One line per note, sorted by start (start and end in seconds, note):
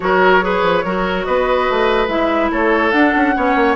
0.00 0.62 F#3
0.00 0.41 F#4
0.00 0.44 A#4
0.00 1.24 C#5
0.41 0.83 G#4
0.41 0.84 B4
0.62 0.83 F3
0.84 1.26 F#3
0.84 2.08 F#4
0.84 1.26 A#4
1.24 1.69 B3
1.24 2.51 B4
1.24 2.08 D#5
1.69 2.08 A3
2.08 2.50 G#3
2.08 2.91 E4
2.08 2.50 E5
2.51 2.92 A3
2.51 3.35 A4
2.51 2.91 C#5
2.91 3.13 D4
2.91 3.35 D4
2.91 3.75 F#5
3.15 3.36 C#4
3.35 3.55 B3
3.35 3.76 C#4
3.35 3.76 C#5
3.55 3.76 A#3